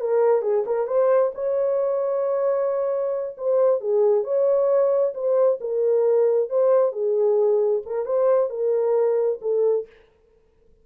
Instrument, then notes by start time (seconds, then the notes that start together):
horn
0.00 A#4
0.42 G#4
0.66 A#4
0.87 C5
1.35 C#5
3.37 C5
3.80 G#4
4.24 C#5
5.14 C5
5.61 A#4
6.49 C5
6.92 G#4
7.86 A#4
8.05 C5
8.50 A#4
9.41 A4